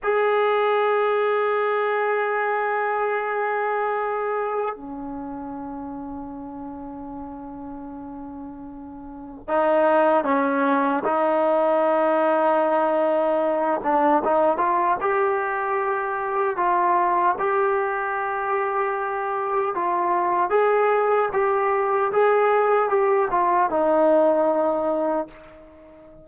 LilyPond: \new Staff \with { instrumentName = "trombone" } { \time 4/4 \tempo 4 = 76 gis'1~ | gis'2 cis'2~ | cis'1 | dis'4 cis'4 dis'2~ |
dis'4. d'8 dis'8 f'8 g'4~ | g'4 f'4 g'2~ | g'4 f'4 gis'4 g'4 | gis'4 g'8 f'8 dis'2 | }